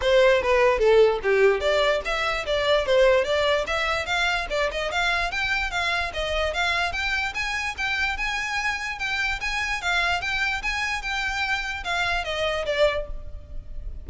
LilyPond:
\new Staff \with { instrumentName = "violin" } { \time 4/4 \tempo 4 = 147 c''4 b'4 a'4 g'4 | d''4 e''4 d''4 c''4 | d''4 e''4 f''4 d''8 dis''8 | f''4 g''4 f''4 dis''4 |
f''4 g''4 gis''4 g''4 | gis''2 g''4 gis''4 | f''4 g''4 gis''4 g''4~ | g''4 f''4 dis''4 d''4 | }